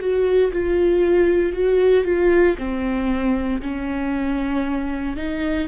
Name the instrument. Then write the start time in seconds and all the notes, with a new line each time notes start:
viola
0.00 F#4
0.53 F4
1.53 F#4
2.05 F4
2.58 C4
3.62 C#4
5.17 D#4